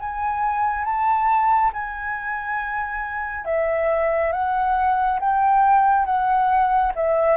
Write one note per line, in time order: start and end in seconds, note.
0.00 0.85 G#5
0.85 1.72 A5
1.73 3.45 G#5
3.45 4.32 E5
4.32 5.19 F#5
5.20 6.06 G5
6.06 6.92 F#5
6.96 7.37 E5